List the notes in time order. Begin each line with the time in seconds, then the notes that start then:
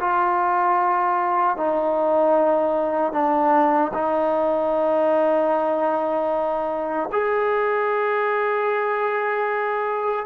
0.00 F4
1.57 D#4
3.13 D4
3.94 D#4
7.12 G#4